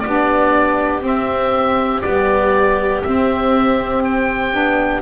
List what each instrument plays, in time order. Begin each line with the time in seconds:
0.00 saxophone D4, viola G4, oboe D5
0.06 double bass B3
1.01 saxophone C4, double bass C4
1.07 oboe E5
2.02 saxophone G3, double bass B3, oboe D5
3.04 saxophone C4, double bass C4, oboe E5
4.05 oboe G5
4.52 double bass B3, saxophone D4